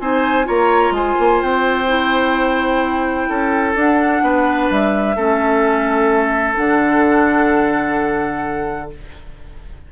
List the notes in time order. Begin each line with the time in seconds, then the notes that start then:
0.00 C4 D#4 C5 G#5
0.44 A#3 F4 C#5 A#5
0.90 G#3 C5 G#5
1.19 A#3
1.41 C4 G5
1.87 E4
3.29 C#4 A4
3.74 D4 F#5
4.22 B3 B4
4.70 G3 E5
5.16 A3 C#4 A4
6.55 D3 D4 F#5